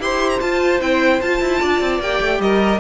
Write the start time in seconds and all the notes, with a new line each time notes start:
0.00 E4 G4 C5 C6
0.30 A#5
0.41 F4 A5
0.82 C4 E4 G5
1.22 F4 A5
1.41 E4
1.62 D4 D5
1.81 C4
2.00 A#3 G4 G5
2.21 A3
2.40 G3 A#4 D#5